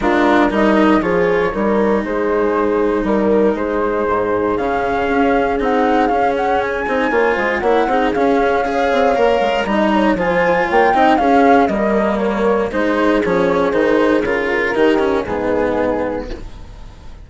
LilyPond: <<
  \new Staff \with { instrumentName = "flute" } { \time 4/4 \tempo 4 = 118 ais'4 dis''4 cis''2 | c''2 ais'4 c''4~ | c''4 f''2 fis''4 | f''8 fis''8 gis''2 fis''4 |
f''2. ais''4 | gis''4 g''4 f''4 dis''4 | cis''4 c''4 cis''4 c''4 | ais'2 gis'2 | }
  \new Staff \with { instrumentName = "horn" } { \time 4/4 f'4 ais'4 gis'4 ais'4 | gis'2 ais'4 gis'4~ | gis'1~ | gis'2 cis''8 c''8 cis''8 gis'8~ |
gis'4 cis''2 dis''8 cis''8 | c''4 cis''8 dis''8 gis'4 ais'4~ | ais'4 gis'2.~ | gis'4 g'4 dis'2 | }
  \new Staff \with { instrumentName = "cello" } { \time 4/4 d'4 dis'4 f'4 dis'4~ | dis'1~ | dis'4 cis'2 dis'4 | cis'4. dis'8 f'4 e'8 dis'8 |
cis'4 gis'4 ais'4 dis'4 | f'4. dis'8 cis'4 ais4~ | ais4 dis'4 cis'4 dis'4 | f'4 dis'8 cis'8 b2 | }
  \new Staff \with { instrumentName = "bassoon" } { \time 4/4 gis4 g4 f4 g4 | gis2 g4 gis4 | gis,4 cis4 cis'4 c'4 | cis'4. c'8 ais8 gis8 ais8 c'8 |
cis'4. c'8 ais8 gis8 g4 | f4 ais8 c'8 cis'4 g4~ | g4 gis4 f4 dis4 | cis4 dis4 gis,2 | }
>>